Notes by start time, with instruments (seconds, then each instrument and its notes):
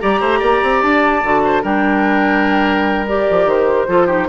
0.00 bassoon G3, clarinet G4, oboe D5, flute A#5
0.20 bassoon A3, oboe C5
0.39 bassoon A#3, oboe D5
0.62 bassoon C4
0.82 bassoon D4, flute A5
1.24 bassoon D3, clarinet F#4
1.44 oboe C5
1.62 bassoon G3, clarinet D4, oboe A#4, flute G5
3.08 clarinet G4, flute D5
3.30 bassoon F3
3.45 bassoon D#3, flute C5
3.88 bassoon F3, clarinet F4, oboe A4
4.07 clarinet D#4, oboe G4